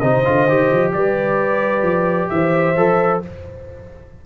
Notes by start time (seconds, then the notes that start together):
0.00 C3 D#4 C5 D#5
0.25 D3 F4
0.48 D#3 G4
0.71 F3
0.93 G3 B4 D5
1.82 F3
2.29 E3 C5 E5
2.76 F3 A4